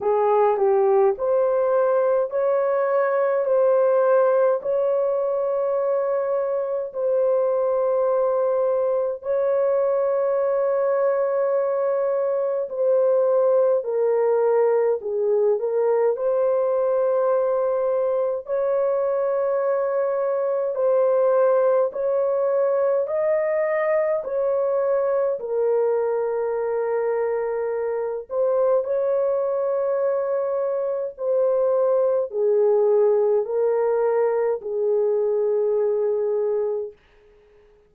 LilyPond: \new Staff \with { instrumentName = "horn" } { \time 4/4 \tempo 4 = 52 gis'8 g'8 c''4 cis''4 c''4 | cis''2 c''2 | cis''2. c''4 | ais'4 gis'8 ais'8 c''2 |
cis''2 c''4 cis''4 | dis''4 cis''4 ais'2~ | ais'8 c''8 cis''2 c''4 | gis'4 ais'4 gis'2 | }